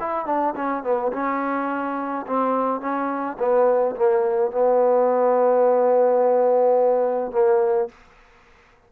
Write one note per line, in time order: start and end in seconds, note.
0.00 0.26 E4
0.26 0.54 D4
0.56 0.84 C#4
0.84 1.12 B3
1.13 2.26 C#4
2.27 2.81 C4
2.81 3.37 C#4
3.39 3.96 B3
3.96 4.52 A#3
4.52 7.32 B3
7.32 7.89 A#3